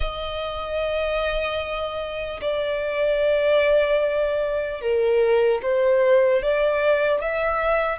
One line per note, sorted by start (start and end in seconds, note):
0.00 2.40 D#5
2.41 4.81 D5
4.81 5.61 A#4
5.62 6.42 C5
6.42 7.21 D5
7.21 7.99 E5